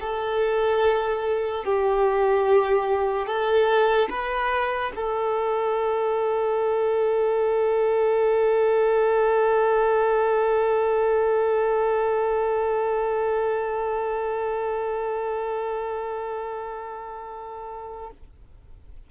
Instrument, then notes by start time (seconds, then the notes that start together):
violin
0.00 A4
1.64 G4
3.26 A4
4.09 B4
4.95 A4